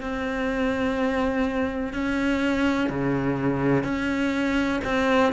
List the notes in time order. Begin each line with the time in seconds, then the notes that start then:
0.00 C4
1.93 C#4
2.89 C#3
3.83 C#4
4.84 C4